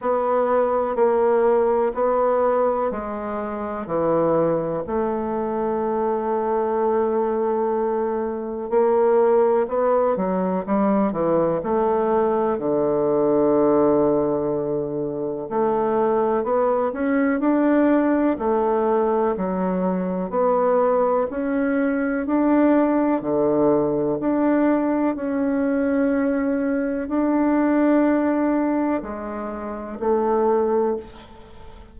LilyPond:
\new Staff \with { instrumentName = "bassoon" } { \time 4/4 \tempo 4 = 62 b4 ais4 b4 gis4 | e4 a2.~ | a4 ais4 b8 fis8 g8 e8 | a4 d2. |
a4 b8 cis'8 d'4 a4 | fis4 b4 cis'4 d'4 | d4 d'4 cis'2 | d'2 gis4 a4 | }